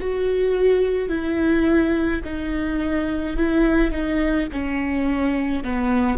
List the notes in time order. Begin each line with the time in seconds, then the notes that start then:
0.00 F#4
1.09 E4
2.25 D#4
3.37 E4
3.92 D#4
4.52 C#4
5.64 B3